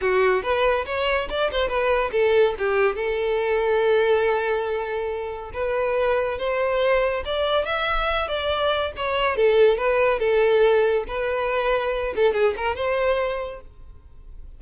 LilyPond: \new Staff \with { instrumentName = "violin" } { \time 4/4 \tempo 4 = 141 fis'4 b'4 cis''4 d''8 c''8 | b'4 a'4 g'4 a'4~ | a'1~ | a'4 b'2 c''4~ |
c''4 d''4 e''4. d''8~ | d''4 cis''4 a'4 b'4 | a'2 b'2~ | b'8 a'8 gis'8 ais'8 c''2 | }